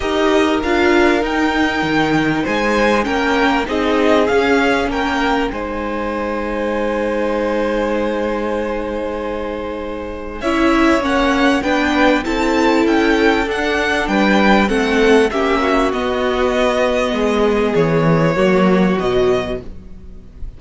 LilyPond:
<<
  \new Staff \with { instrumentName = "violin" } { \time 4/4 \tempo 4 = 98 dis''4 f''4 g''2 | gis''4 g''4 dis''4 f''4 | g''4 gis''2.~ | gis''1~ |
gis''4 e''4 fis''4 g''4 | a''4 g''4 fis''4 g''4 | fis''4 e''4 dis''2~ | dis''4 cis''2 dis''4 | }
  \new Staff \with { instrumentName = "violin" } { \time 4/4 ais'1 | c''4 ais'4 gis'2 | ais'4 c''2.~ | c''1~ |
c''4 cis''2 b'4 | a'2. b'4 | a'4 g'8 fis'2~ fis'8 | gis'2 fis'2 | }
  \new Staff \with { instrumentName = "viola" } { \time 4/4 g'4 f'4 dis'2~ | dis'4 cis'4 dis'4 cis'4~ | cis'4 dis'2.~ | dis'1~ |
dis'4 e'4 cis'4 d'4 | e'2 d'2 | c'4 cis'4 b2~ | b2 ais4 fis4 | }
  \new Staff \with { instrumentName = "cello" } { \time 4/4 dis'4 d'4 dis'4 dis4 | gis4 ais4 c'4 cis'4 | ais4 gis2.~ | gis1~ |
gis4 cis'4 ais4 b4 | c'4 cis'4 d'4 g4 | a4 ais4 b2 | gis4 e4 fis4 b,4 | }
>>